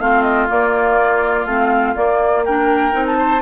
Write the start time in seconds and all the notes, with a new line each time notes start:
0.00 A3 C4 F4 F5
0.23 D#5
0.49 A#3 D5
1.46 A3 C4 F5
1.96 A#3 D5
2.45 D4 A#4 G5
2.92 C4 D#4
3.06 A5
3.18 C5